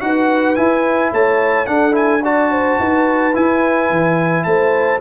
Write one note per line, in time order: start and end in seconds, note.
0.00 0.57 D#4
0.00 0.56 F#4
0.00 1.12 B4
0.00 0.55 F#5
0.55 1.66 E4
0.55 1.12 E4
0.55 1.11 G#5
1.12 1.67 A3
1.12 1.68 C#5
1.12 1.66 A5
1.66 1.91 D4
1.66 2.78 D4
1.66 2.23 A4
1.66 1.94 F#5
1.91 2.19 E4
1.91 2.23 G#5
2.23 3.33 F#4
2.23 2.51 D5
2.23 3.35 A5
2.52 2.79 C5
2.79 3.35 D#4
2.79 4.46 B4
3.33 5.00 E4
3.33 3.90 E4
3.33 4.44 G#5
3.90 4.45 E3
4.44 5.00 A3
4.44 5.00 C5
4.44 4.99 A5